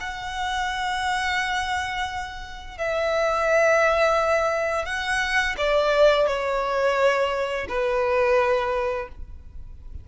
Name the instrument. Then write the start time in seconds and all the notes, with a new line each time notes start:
violin
0.00 F#5
2.77 E5
4.85 F#5
5.57 D5
6.27 C#5
7.68 B4